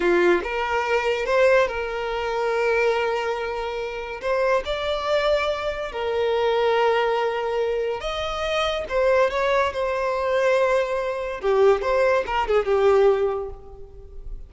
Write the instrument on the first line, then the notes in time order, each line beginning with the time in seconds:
violin
0.00 F4
0.43 A#4
1.25 C5
1.67 A#4
4.21 C5
4.65 D5
5.92 A#4
8.00 D#5
8.88 C5
9.30 C#5
9.73 C5
11.40 G4
11.81 C5
12.26 A#4
12.47 G#4
12.65 G4